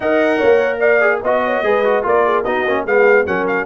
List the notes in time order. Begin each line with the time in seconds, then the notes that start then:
0.00 D#4 A#4 D#5 F#5
0.37 A#3 C#5
0.79 D5 F5
1.00 G#4
1.22 B3 F#4 D#5
1.44 C#5
1.62 G#3 G#4 B4
1.84 F#4
2.02 A#3 F4 A#4 D5
2.25 G#4
2.43 B3 D#4 F#4 D#5
2.65 A#3 C#4
2.84 G#3 B3 G#4 F5
3.26 F#3 C#4 A#4 F#5
3.47 F5